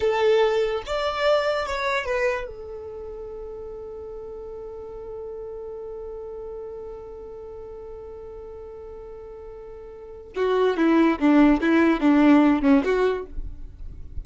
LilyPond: \new Staff \with { instrumentName = "violin" } { \time 4/4 \tempo 4 = 145 a'2 d''2 | cis''4 b'4 a'2~ | a'1~ | a'1~ |
a'1~ | a'1~ | a'4 fis'4 e'4 d'4 | e'4 d'4. cis'8 fis'4 | }